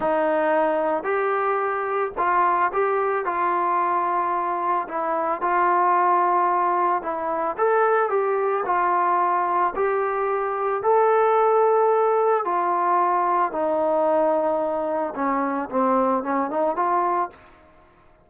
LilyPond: \new Staff \with { instrumentName = "trombone" } { \time 4/4 \tempo 4 = 111 dis'2 g'2 | f'4 g'4 f'2~ | f'4 e'4 f'2~ | f'4 e'4 a'4 g'4 |
f'2 g'2 | a'2. f'4~ | f'4 dis'2. | cis'4 c'4 cis'8 dis'8 f'4 | }